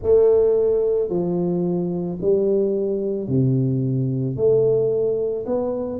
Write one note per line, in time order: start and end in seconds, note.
0.02 1.09 A3
1.09 2.18 F3
2.21 3.27 G3
3.27 4.36 C3
4.36 5.45 A3
5.45 5.99 B3